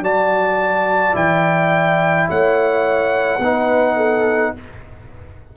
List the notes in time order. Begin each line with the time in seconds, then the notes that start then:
0.00 F#3 F#4 D5 A5
1.13 E3 E4 G5
2.29 A3 C#5 F#5
3.39 B3 D#4 B4
3.97 A4